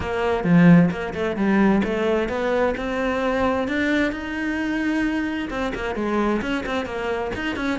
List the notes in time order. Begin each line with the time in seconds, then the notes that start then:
0.00 A#3
0.44 F3
0.90 A#3
1.13 A3
1.36 G3
1.84 A3
2.28 B3
2.77 C4
3.67 D4
4.12 D#4
5.49 C4
5.75 A#3
5.95 G#3
6.41 C#4
6.65 C4
6.85 A#3
7.35 D#4
7.56 C#4